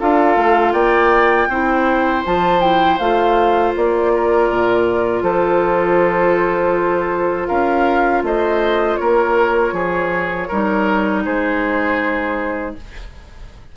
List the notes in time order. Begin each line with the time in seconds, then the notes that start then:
0.00 D4 F4 A4 F5
0.37 A3
0.73 A#3 D5 G5
1.48 C4 E4 C5
2.25 F3 F4 A5
2.61 E4 G5
2.99 A3 F4 F5
3.77 A#3 D5
4.15 A#4
4.51 A#2
5.23 F3 A4 C5
7.48 C#4 A#4 F5
8.23 A3 C5 D#5
8.97 A#3 A#4 C#5
9.73 F3 G#4
10.48 G3 D#4 A#4
11.25 G#3 G#4 C5